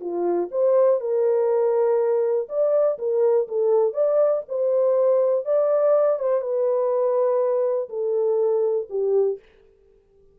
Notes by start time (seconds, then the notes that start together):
0.00 F4
0.51 C5
1.00 A#4
2.49 D5
2.98 A#4
3.48 A4
3.93 D5
4.48 C5
5.45 D5
6.19 C5
6.41 B4
7.89 A4
8.89 G4